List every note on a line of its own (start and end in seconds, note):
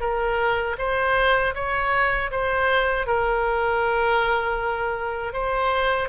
0.00 0.76 A#4
0.78 1.54 C5
1.55 2.31 C#5
2.31 3.07 C5
3.07 5.33 A#4
5.33 6.09 C5